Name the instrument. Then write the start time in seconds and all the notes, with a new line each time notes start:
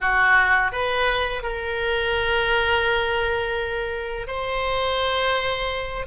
oboe
0.00 F#4
0.72 B4
1.43 A#4
4.27 C5